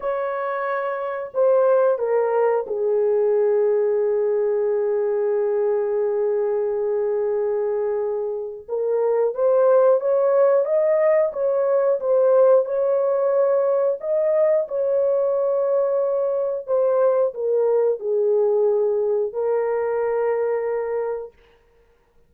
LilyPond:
\new Staff \with { instrumentName = "horn" } { \time 4/4 \tempo 4 = 90 cis''2 c''4 ais'4 | gis'1~ | gis'1~ | gis'4 ais'4 c''4 cis''4 |
dis''4 cis''4 c''4 cis''4~ | cis''4 dis''4 cis''2~ | cis''4 c''4 ais'4 gis'4~ | gis'4 ais'2. | }